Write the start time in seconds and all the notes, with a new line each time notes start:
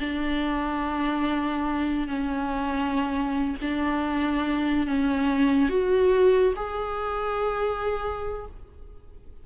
0.00 D4
2.08 C#4
3.62 D4
4.87 C#4
5.69 F#4
6.56 G#4